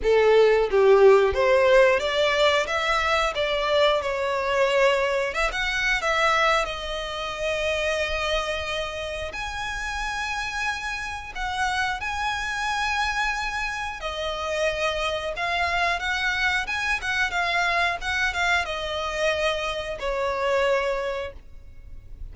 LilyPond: \new Staff \with { instrumentName = "violin" } { \time 4/4 \tempo 4 = 90 a'4 g'4 c''4 d''4 | e''4 d''4 cis''2 | e''16 fis''8. e''4 dis''2~ | dis''2 gis''2~ |
gis''4 fis''4 gis''2~ | gis''4 dis''2 f''4 | fis''4 gis''8 fis''8 f''4 fis''8 f''8 | dis''2 cis''2 | }